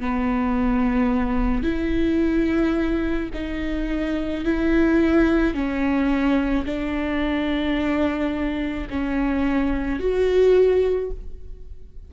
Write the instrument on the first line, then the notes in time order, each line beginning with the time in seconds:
viola
0.00 B3
1.63 E4
3.34 D#4
4.44 E4
5.54 C#4
6.66 D4
8.90 C#4
9.99 F#4